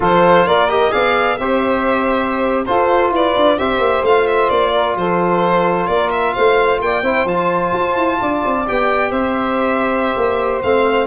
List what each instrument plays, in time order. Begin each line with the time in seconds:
0.00 tuba F3, trombone F4, saxophone A4, violin C5
0.45 tuba A#3, saxophone A#4, violin D5
0.68 trombone G4, violin D#5
0.90 tuba B3, trombone G#4, saxophone D5, violin F5
1.37 tuba C4, trombone G4, saxophone C5, violin E5
2.65 trombone F4, tuba F4, saxophone A4, violin C5
3.10 tuba E4, saxophone B4, violin D5
3.35 tuba D4
3.57 tuba C4, trombone G4, saxophone C5, violin E5
3.77 tuba A#3
4.03 tuba A3, trombone F4, violin F5
4.26 violin E5
4.49 tuba A#3, violin D5
4.72 saxophone A#4
4.95 tuba F3, saxophone A4, violin C5
5.86 tuba A#3, saxophone A#4, violin D5
6.11 violin E5
6.33 tuba A3, saxophone C5, violin F5
6.80 tuba A#3, saxophone D5, violin G5
7.02 tuba C4, trombone E4, saxophone C5
7.25 tuba F3, trombone F4, violin A5
7.73 tuba F4
7.96 tuba E4
8.20 tuba D4, saxophone D5
8.44 tuba C4
8.67 tuba B3, trombone G4, violin G5
9.10 tuba C4, saxophone C5, violin E5
10.16 tuba A#3
10.63 tuba A3, trombone C4, violin F5